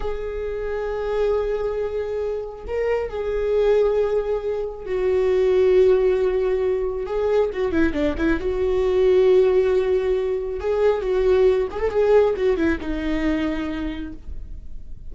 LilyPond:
\new Staff \with { instrumentName = "viola" } { \time 4/4 \tempo 4 = 136 gis'1~ | gis'2 ais'4 gis'4~ | gis'2. fis'4~ | fis'1 |
gis'4 fis'8 e'8 d'8 e'8 fis'4~ | fis'1 | gis'4 fis'4. gis'16 a'16 gis'4 | fis'8 e'8 dis'2. | }